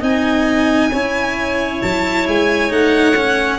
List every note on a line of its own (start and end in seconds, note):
0.00 0.92 C4
0.00 0.91 D#4
0.00 0.90 D#5
0.00 1.82 G#5
0.91 1.83 C#4
0.91 2.69 E4
0.91 3.60 C#5
1.82 2.28 F#3
1.82 2.27 A5
2.28 2.71 G#3
2.28 2.73 G#5
2.69 3.60 A3
2.69 3.14 D#4
2.69 3.60 F#5
3.17 3.60 C#4